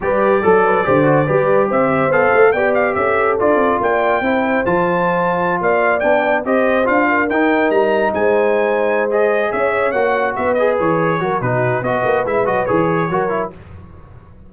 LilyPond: <<
  \new Staff \with { instrumentName = "trumpet" } { \time 4/4 \tempo 4 = 142 d''1 | e''4 f''4 g''8 f''8 e''4 | d''4 g''2 a''4~ | a''4~ a''16 f''4 g''4 dis''8.~ |
dis''16 f''4 g''4 ais''4 gis''8.~ | gis''4. dis''4 e''4 fis''8~ | fis''8 e''8 dis''8 cis''4. b'4 | dis''4 e''8 dis''8 cis''2 | }
  \new Staff \with { instrumentName = "horn" } { \time 4/4 b'4 a'8 b'8 c''4 b'4 | c''2 d''4 a'4~ | a'4 d''4 c''2~ | c''4~ c''16 d''2 c''8.~ |
c''8. ais'2~ ais'8 c''8.~ | c''2~ c''8 cis''4.~ | cis''8 b'2 ais'8 fis'4 | b'2. ais'4 | }
  \new Staff \with { instrumentName = "trombone" } { \time 4/4 g'4 a'4 g'8 fis'8 g'4~ | g'4 a'4 g'2 | f'2 e'4 f'4~ | f'2~ f'16 d'4 g'8.~ |
g'16 f'4 dis'2~ dis'8.~ | dis'4. gis'2 fis'8~ | fis'4 gis'4. fis'8 dis'4 | fis'4 e'8 fis'8 gis'4 fis'8 e'8 | }
  \new Staff \with { instrumentName = "tuba" } { \time 4/4 g4 fis4 d4 g4 | c'4 b8 a8 b4 cis'4 | d'8 c'8 ais4 c'4 f4~ | f4~ f16 ais4 b4 c'8.~ |
c'16 d'4 dis'4 g4 gis8.~ | gis2~ gis8 cis'4 ais8~ | ais8 b4 e4 fis8 b,4 | b8 ais8 gis8 fis8 e4 fis4 | }
>>